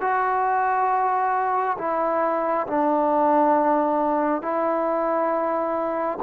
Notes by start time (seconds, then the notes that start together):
0.00 F#4
1.78 E4
2.67 D4
4.42 E4